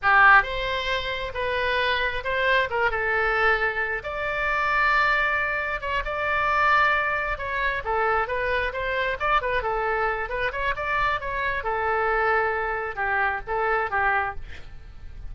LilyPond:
\new Staff \with { instrumentName = "oboe" } { \time 4/4 \tempo 4 = 134 g'4 c''2 b'4~ | b'4 c''4 ais'8 a'4.~ | a'4 d''2.~ | d''4 cis''8 d''2~ d''8~ |
d''8 cis''4 a'4 b'4 c''8~ | c''8 d''8 b'8 a'4. b'8 cis''8 | d''4 cis''4 a'2~ | a'4 g'4 a'4 g'4 | }